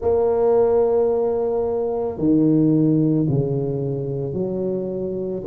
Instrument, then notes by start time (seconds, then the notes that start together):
tuba
0.01 A#3
2.18 D#3
3.29 C#3
4.33 F#3